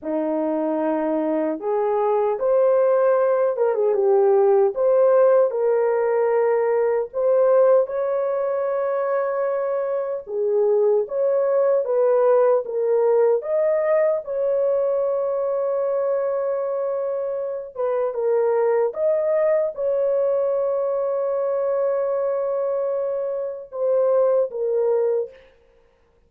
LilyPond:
\new Staff \with { instrumentName = "horn" } { \time 4/4 \tempo 4 = 76 dis'2 gis'4 c''4~ | c''8 ais'16 gis'16 g'4 c''4 ais'4~ | ais'4 c''4 cis''2~ | cis''4 gis'4 cis''4 b'4 |
ais'4 dis''4 cis''2~ | cis''2~ cis''8 b'8 ais'4 | dis''4 cis''2.~ | cis''2 c''4 ais'4 | }